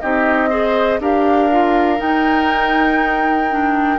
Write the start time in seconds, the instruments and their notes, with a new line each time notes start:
0.00 bassoon C4, clarinet D#4, oboe G4, flute D#5
0.50 clarinet G#4, oboe C5
1.00 bassoon D4, clarinet G4, oboe A#4, flute F5
1.51 clarinet F4
1.97 clarinet D#4, bassoon D#4, flute G5
3.50 clarinet D4